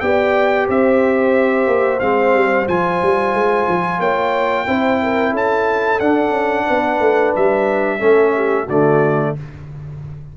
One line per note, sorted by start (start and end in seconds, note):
0.00 0.68 B3
0.00 2.00 G4
0.00 0.67 D5
0.00 0.67 G5
0.67 1.67 C4
0.67 3.99 C5
0.67 2.00 E5
1.67 2.00 A#3
2.00 2.34 G#3
2.00 2.66 C4
2.00 2.66 F5
2.34 2.67 G3
2.67 3.01 F3
2.67 4.66 F4
2.67 4.00 G#5
3.02 3.34 G3
3.34 3.67 G#3
3.68 3.99 F3
3.99 4.66 A#3
3.99 4.65 C#5
3.99 5.34 G5
4.66 5.33 C4
4.66 6.00 E4
4.66 5.01 C5
5.02 5.31 A#4
5.31 6.00 C#4
5.31 6.65 A4
5.31 6.00 A5
6.00 6.30 D4
6.00 7.99 D4
6.00 7.33 F#5
6.30 6.63 C#4
6.66 7.00 B3
6.66 7.99 B4
7.00 7.33 A3
7.35 8.01 G3
7.35 8.69 E5
7.99 8.67 A3
7.99 8.66 C#4
7.99 8.32 A4
8.35 8.64 G4
8.64 9.35 D3
8.64 9.30 F#4
8.64 9.36 D5
8.70 9.37 A3